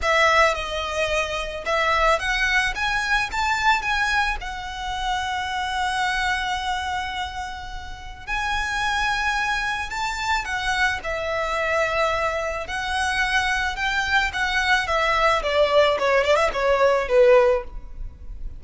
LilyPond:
\new Staff \with { instrumentName = "violin" } { \time 4/4 \tempo 4 = 109 e''4 dis''2 e''4 | fis''4 gis''4 a''4 gis''4 | fis''1~ | fis''2. gis''4~ |
gis''2 a''4 fis''4 | e''2. fis''4~ | fis''4 g''4 fis''4 e''4 | d''4 cis''8 d''16 e''16 cis''4 b'4 | }